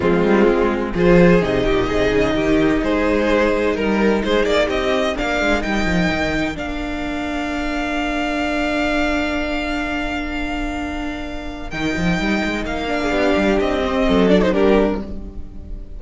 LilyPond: <<
  \new Staff \with { instrumentName = "violin" } { \time 4/4 \tempo 4 = 128 f'2 c''4 dis''4~ | dis''2 c''2 | ais'4 c''8 d''8 dis''4 f''4 | g''2 f''2~ |
f''1~ | f''1~ | f''4 g''2 f''4~ | f''4 dis''4. d''16 c''16 ais'4 | }
  \new Staff \with { instrumentName = "violin" } { \time 4/4 c'2 gis'4. g'8 | gis'4 g'4 gis'2 | ais'4 gis'4 g'4 ais'4~ | ais'1~ |
ais'1~ | ais'1~ | ais'2.~ ais'8. gis'16 | g'2 a'4 g'4 | }
  \new Staff \with { instrumentName = "viola" } { \time 4/4 gis2 f'4 dis'4~ | dis'1~ | dis'2. d'4 | dis'2 d'2~ |
d'1~ | d'1~ | d'4 dis'2~ dis'8 d'8~ | d'4. c'4 d'16 dis'16 d'4 | }
  \new Staff \with { instrumentName = "cello" } { \time 4/4 f8 g8 gis4 f4 c8 ais,8 | c8 cis8 dis4 gis2 | g4 gis8 ais8 c'4 ais8 gis8 | g8 f8 dis4 ais2~ |
ais1~ | ais1~ | ais4 dis8 f8 g8 gis8 ais4 | b8 g8 c'4 fis4 g4 | }
>>